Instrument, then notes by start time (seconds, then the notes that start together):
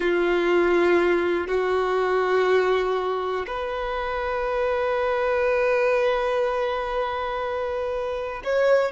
violin
0.00 F4
1.47 F#4
3.46 B4
8.44 C#5